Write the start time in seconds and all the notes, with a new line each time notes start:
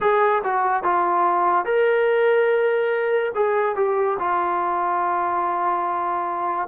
0.00 G#4
0.43 F#4
0.83 F4
1.65 A#4
3.34 G#4
3.75 G4
4.19 F4